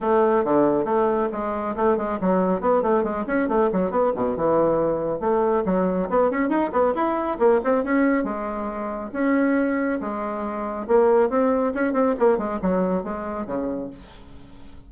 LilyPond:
\new Staff \with { instrumentName = "bassoon" } { \time 4/4 \tempo 4 = 138 a4 d4 a4 gis4 | a8 gis8 fis4 b8 a8 gis8 cis'8 | a8 fis8 b8 b,8 e2 | a4 fis4 b8 cis'8 dis'8 b8 |
e'4 ais8 c'8 cis'4 gis4~ | gis4 cis'2 gis4~ | gis4 ais4 c'4 cis'8 c'8 | ais8 gis8 fis4 gis4 cis4 | }